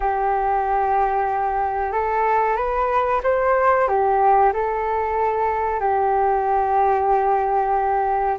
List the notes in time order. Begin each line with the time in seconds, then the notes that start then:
0.00 G4
1.92 A4
2.56 B4
3.23 C5
3.87 G4
4.53 A4
5.79 G4